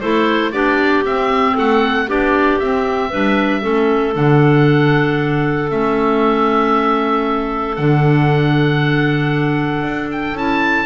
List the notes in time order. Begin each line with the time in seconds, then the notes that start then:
0.00 A3 E4 A4 C5
0.51 B3 D4 G4 D5
1.04 C4 E5
1.53 A3 A4 F#5
2.07 B3 D4 G4 D5
2.59 C4 E5
3.09 G3 D4 B4
3.61 A3 C#4 A4
4.14 D3 D4 F#5
5.69 A3 C#4 E5
7.76 D3 D4 F#5
9.82 D4
10.11 G5
10.33 C#4 E4 A5